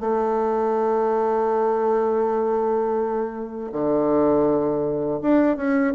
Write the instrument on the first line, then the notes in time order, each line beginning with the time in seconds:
bassoon
0.00 A3
3.72 D3
5.22 D4
5.57 C#4